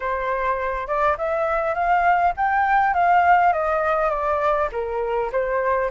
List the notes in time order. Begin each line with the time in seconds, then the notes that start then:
0.00 C5
0.87 D5
1.17 E5
1.74 F5
2.36 G5
2.94 F5
3.52 D#5
4.10 D5
4.72 A#4
5.32 C5